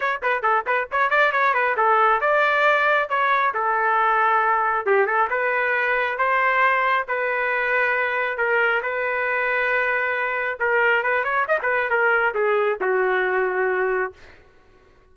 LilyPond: \new Staff \with { instrumentName = "trumpet" } { \time 4/4 \tempo 4 = 136 cis''8 b'8 a'8 b'8 cis''8 d''8 cis''8 b'8 | a'4 d''2 cis''4 | a'2. g'8 a'8 | b'2 c''2 |
b'2. ais'4 | b'1 | ais'4 b'8 cis''8 dis''16 b'8. ais'4 | gis'4 fis'2. | }